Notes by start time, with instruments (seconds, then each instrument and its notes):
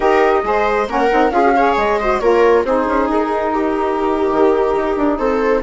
0.00 bassoon D#4, saxophone G4, viola A#4, flute D#5
0.42 bassoon G#3, saxophone G#4, viola C5
0.87 bassoon A#3, saxophone C#4, viola A#4, flute F#5
1.11 bassoon C4, saxophone D#4
1.30 bassoon C#4, saxophone F4, viola G#4, flute F5
1.43 saxophone F#4
1.56 saxophone G#4, viola C#5
1.76 bassoon G#3, flute D#5
2.00 saxophone F#4, viola C5
2.19 bassoon A#3, saxophone F4, viola A#4, flute C#5
2.64 bassoon C4, saxophone D#4, viola G#4, flute C5
2.86 bassoon C#4
3.08 bassoon D#4, flute A#4
3.53 viola G4
4.32 bassoon D#3
4.75 bassoon D#4
4.97 bassoon D4
5.18 bassoon C4, viola A4, flute C5